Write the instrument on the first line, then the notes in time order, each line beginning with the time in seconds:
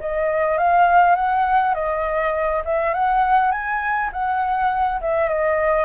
flute
0.00 D#5
0.58 F5
1.15 F#5
1.74 D#5
2.65 E5
2.94 F#5
3.52 G#5
4.13 F#5
5.01 E5
5.29 D#5